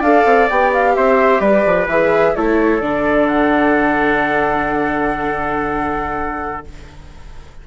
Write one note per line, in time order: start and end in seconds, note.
0.00 0.25 D4
0.00 0.50 A4
0.00 0.93 D5
0.00 0.49 F5
0.25 0.49 C4
0.50 0.97 B3
0.50 1.89 G4
0.50 0.73 G5
0.74 0.96 F5
0.96 1.41 C4
0.96 1.41 C5
0.96 1.41 E5
1.41 1.64 G3
1.41 2.34 B4
1.41 1.87 D5
1.66 1.87 F3
1.87 2.34 E3
1.87 2.37 G#4
1.87 2.36 E5
2.36 2.81 A3
2.36 2.82 E4
2.36 6.68 A4
2.36 2.81 C#5
2.81 6.65 D3
2.81 6.66 D4
2.81 3.28 D5
3.28 6.65 F#5